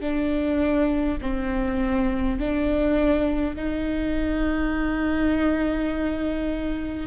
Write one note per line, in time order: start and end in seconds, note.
0.00 1.18 D4
1.21 2.39 C4
2.39 3.56 D4
3.56 7.07 D#4